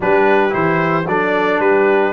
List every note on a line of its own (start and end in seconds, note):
0.00 0.53 G3
0.00 0.49 D4
0.00 1.08 G4
0.00 0.53 B4
0.49 1.06 E3
0.49 1.03 E4
0.49 1.07 C5
1.06 1.59 F#3
1.06 2.13 D4
1.06 1.60 A4
1.06 1.60 D5
1.59 2.12 G3
1.59 2.13 G4
1.59 2.13 B4